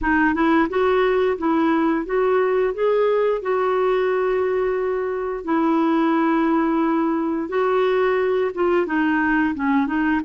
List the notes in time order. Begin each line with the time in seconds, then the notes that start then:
0.01 D#4
0.34 E4
0.69 F#4
1.38 E4
2.05 F#4
2.74 G#4
3.42 F#4
5.44 E4
7.48 F#4
8.54 F4
8.86 D#4
9.55 C#4
9.86 D#4